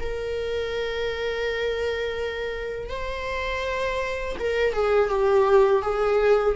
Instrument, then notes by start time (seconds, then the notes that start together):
viola
0.00 A#4
2.90 C5
4.40 A#4
4.73 G#4
5.10 G4
5.83 G#4